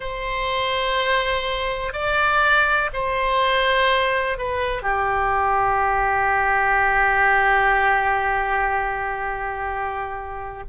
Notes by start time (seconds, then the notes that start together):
0.00 C5
1.93 D5
2.93 C5
4.38 B4
4.82 G4